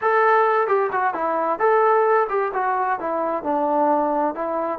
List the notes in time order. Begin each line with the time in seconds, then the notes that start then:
0.01 A4
0.67 G4
0.92 F#4
1.14 E4
1.59 A4
2.29 G4
2.53 F#4
2.99 E4
3.43 D4
4.34 E4